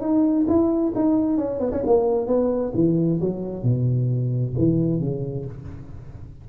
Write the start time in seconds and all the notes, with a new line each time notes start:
0.00 D#4
0.47 E4
0.95 D#4
1.37 C#4
1.59 B3
1.71 C#4
1.86 A#3
2.26 B3
2.74 E3
3.20 F#3
3.63 B2
4.57 E3
5.00 C#3